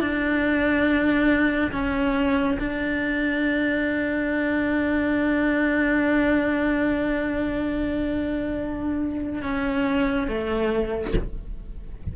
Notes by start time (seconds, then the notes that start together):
0.00 D4
1.72 C#4
2.59 D4
9.42 C#4
10.28 A3